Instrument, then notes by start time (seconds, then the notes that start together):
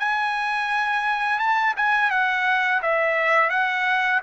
trumpet
0.00 G#5
1.40 A5
1.77 G#5
2.11 F#5
2.83 E5
3.50 F#5